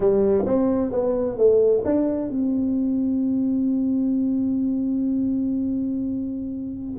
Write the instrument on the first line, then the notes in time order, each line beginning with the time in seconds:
tuba
0.00 G3
0.46 C4
0.91 B3
1.37 A3
1.85 D4
2.29 C4